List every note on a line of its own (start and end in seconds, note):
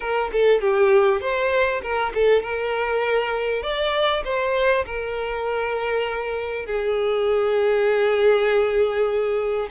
0.00 0.30 A#4
0.32 0.60 A4
0.60 1.20 G4
1.20 1.81 C5
1.82 2.12 A#4
2.14 2.42 A4
2.42 3.62 A#4
3.62 4.23 D5
4.24 4.85 C5
4.85 6.65 A#4
6.65 9.68 G#4